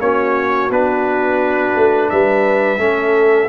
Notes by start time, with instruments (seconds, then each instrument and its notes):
0.00 tuba A#3, trombone C#4, horn F#4, trumpet C#5
0.69 tuba B3, trombone D4, trumpet B4
1.76 tuba A3
2.09 tuba G3, horn B4, trumpet E5
2.78 tuba A3, trombone C#4, horn A4